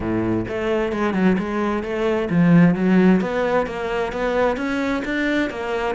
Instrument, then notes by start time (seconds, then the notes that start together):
cello
0.00 A2
0.48 A3
0.92 G#3
1.13 F#3
1.38 G#3
1.83 A3
2.30 F3
2.75 F#3
3.20 B3
3.66 A#3
4.12 B3
4.57 C#4
5.05 D4
5.49 A#3